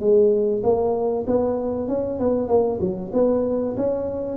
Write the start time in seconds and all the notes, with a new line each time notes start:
0.00 G#3
0.64 A#3
1.27 B3
1.88 C#4
2.19 B3
2.48 A#3
2.81 F#3
3.13 B3
3.77 C#4